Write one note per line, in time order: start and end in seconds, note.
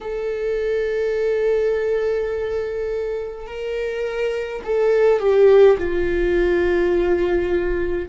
0.01 3.46 A4
3.46 4.62 A#4
4.64 5.19 A4
5.19 5.77 G4
5.77 8.08 F4